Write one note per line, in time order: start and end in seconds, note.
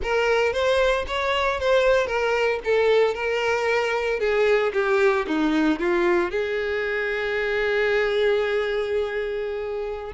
0.02 0.52 A#4
0.52 1.05 C5
1.07 1.60 C#5
1.60 2.06 C5
2.06 2.59 A#4
2.64 3.14 A4
3.14 4.19 A#4
4.19 4.72 G#4
4.73 5.25 G4
5.27 5.79 D#4
5.79 6.30 F4
6.30 10.12 G#4